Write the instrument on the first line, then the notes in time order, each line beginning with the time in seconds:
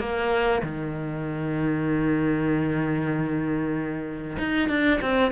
cello
0.00 A#3
0.63 D#3
4.39 D#4
4.69 D4
5.02 C4